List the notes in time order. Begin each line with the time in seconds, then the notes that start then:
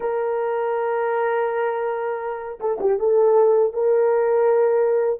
0.00 A#4
2.60 A4
2.80 G4
2.99 A4
3.73 A#4